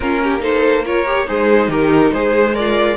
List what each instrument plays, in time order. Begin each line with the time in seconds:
0.00 cello A#3, viola C#4, violin F4 A#4
0.23 violin G4
0.39 viola D#4, violin A4 C5
0.85 viola F4, violin A#4 C#5
1.06 viola G4
1.26 cello G#3, violin D#4 C5, viola G#4
1.68 cello D#3, viola G4, violin A#4
2.12 cello G#3, viola G#4, violin C5
2.53 violin F4 D5, viola A#4